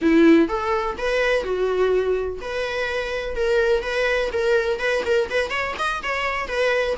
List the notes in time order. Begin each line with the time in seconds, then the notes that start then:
0.01 E4
0.48 A4
0.98 B4
1.43 F#4
2.41 B4
3.35 A#4
3.82 B4
4.32 A#4
4.79 B4
5.05 A#4
5.30 B4
5.50 C#5
5.78 D#5
6.02 C#5
6.48 B4